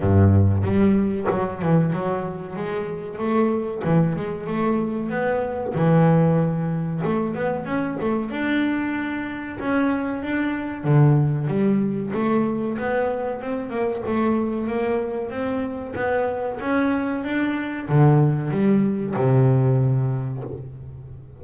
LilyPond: \new Staff \with { instrumentName = "double bass" } { \time 4/4 \tempo 4 = 94 g,4 g4 fis8 e8 fis4 | gis4 a4 e8 gis8 a4 | b4 e2 a8 b8 | cis'8 a8 d'2 cis'4 |
d'4 d4 g4 a4 | b4 c'8 ais8 a4 ais4 | c'4 b4 cis'4 d'4 | d4 g4 c2 | }